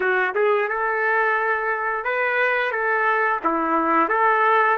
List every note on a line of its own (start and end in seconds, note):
0.00 0.34 F#4
0.34 0.68 G#4
0.68 2.04 A4
2.04 2.71 B4
2.71 3.39 A4
3.43 4.08 E4
4.08 4.77 A4